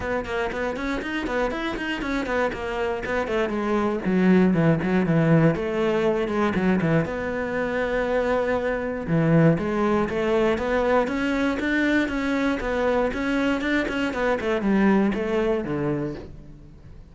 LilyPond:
\new Staff \with { instrumentName = "cello" } { \time 4/4 \tempo 4 = 119 b8 ais8 b8 cis'8 dis'8 b8 e'8 dis'8 | cis'8 b8 ais4 b8 a8 gis4 | fis4 e8 fis8 e4 a4~ | a8 gis8 fis8 e8 b2~ |
b2 e4 gis4 | a4 b4 cis'4 d'4 | cis'4 b4 cis'4 d'8 cis'8 | b8 a8 g4 a4 d4 | }